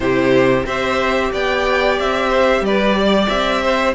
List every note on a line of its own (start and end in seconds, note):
0.00 0.63 C3
0.00 0.65 E4
0.00 0.65 G4
0.00 0.66 C5
0.65 1.31 C4
0.65 3.94 G4
0.65 1.31 C5
0.65 1.32 E5
1.31 1.98 B3
1.31 2.29 D5
1.31 1.99 G5
1.99 2.61 C4
1.99 2.65 E5
2.29 2.62 C5
2.61 3.27 G3
2.61 2.98 B4
2.61 3.28 D5
2.98 3.62 D5
3.28 3.94 C4
3.28 3.94 E5
3.62 3.94 C5